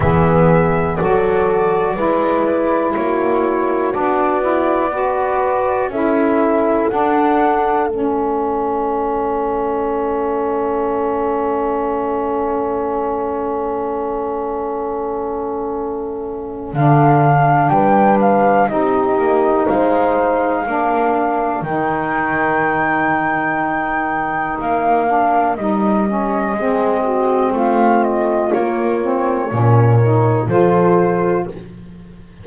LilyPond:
<<
  \new Staff \with { instrumentName = "flute" } { \time 4/4 \tempo 4 = 61 e''4 d''2 cis''4 | d''2 e''4 fis''4 | e''1~ | e''1~ |
e''4 f''4 g''8 f''8 dis''4 | f''2 g''2~ | g''4 f''4 dis''2 | f''8 dis''8 cis''2 c''4 | }
  \new Staff \with { instrumentName = "horn" } { \time 4/4 gis'4 a'4 b'4 fis'4~ | fis'4 b'4 a'2~ | a'1~ | a'1~ |
a'2 b'4 g'4 | c''4 ais'2.~ | ais'2. gis'8 fis'8 | f'2 ais'4 a'4 | }
  \new Staff \with { instrumentName = "saxophone" } { \time 4/4 b4 fis'4 e'2 | d'8 e'8 fis'4 e'4 d'4 | cis'1~ | cis'1~ |
cis'4 d'2 dis'4~ | dis'4 d'4 dis'2~ | dis'4. d'8 dis'8 cis'8 c'4~ | c'4 ais8 c'8 cis'8 dis'8 f'4 | }
  \new Staff \with { instrumentName = "double bass" } { \time 4/4 e4 fis4 gis4 ais4 | b2 cis'4 d'4 | a1~ | a1~ |
a4 d4 g4 c'8 ais8 | gis4 ais4 dis2~ | dis4 ais4 g4 gis4 | a4 ais4 ais,4 f4 | }
>>